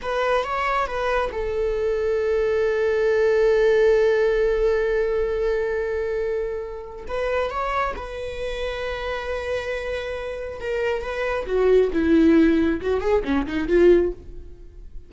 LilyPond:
\new Staff \with { instrumentName = "viola" } { \time 4/4 \tempo 4 = 136 b'4 cis''4 b'4 a'4~ | a'1~ | a'1~ | a'1 |
b'4 cis''4 b'2~ | b'1 | ais'4 b'4 fis'4 e'4~ | e'4 fis'8 gis'8 cis'8 dis'8 f'4 | }